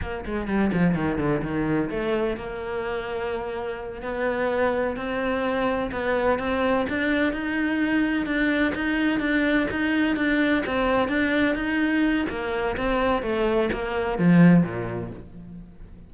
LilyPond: \new Staff \with { instrumentName = "cello" } { \time 4/4 \tempo 4 = 127 ais8 gis8 g8 f8 dis8 d8 dis4 | a4 ais2.~ | ais8 b2 c'4.~ | c'8 b4 c'4 d'4 dis'8~ |
dis'4. d'4 dis'4 d'8~ | d'8 dis'4 d'4 c'4 d'8~ | d'8 dis'4. ais4 c'4 | a4 ais4 f4 ais,4 | }